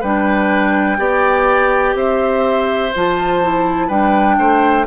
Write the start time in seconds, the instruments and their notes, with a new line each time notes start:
0.00 bassoon G3, clarinet D4, oboe B4, flute G5
0.97 bassoon B3, clarinet G4, oboe D5
1.94 bassoon C4, oboe C5, flute E5
2.95 bassoon F3, clarinet F4, flute A5
3.42 clarinet E4
3.87 bassoon G3, clarinet D4, oboe B4, flute G5
4.38 bassoon A3, oboe C5